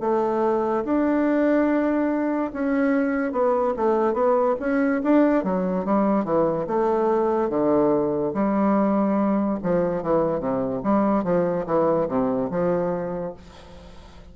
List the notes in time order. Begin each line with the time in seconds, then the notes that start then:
0.00 A3
0.84 D4
2.53 C#4
3.32 B3
3.76 A3
4.13 B3
4.59 C#4
5.03 D4
5.43 F#3
5.85 G3
6.24 E3
6.67 A3
7.49 D3
8.33 G3
9.63 F3
10.02 E3
10.39 C3
10.83 G3
11.23 F3
11.66 E3
12.08 C3
12.50 F3